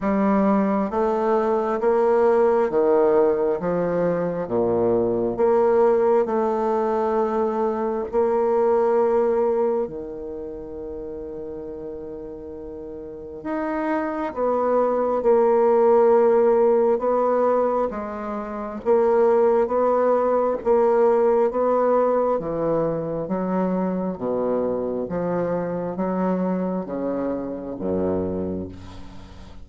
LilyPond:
\new Staff \with { instrumentName = "bassoon" } { \time 4/4 \tempo 4 = 67 g4 a4 ais4 dis4 | f4 ais,4 ais4 a4~ | a4 ais2 dis4~ | dis2. dis'4 |
b4 ais2 b4 | gis4 ais4 b4 ais4 | b4 e4 fis4 b,4 | f4 fis4 cis4 fis,4 | }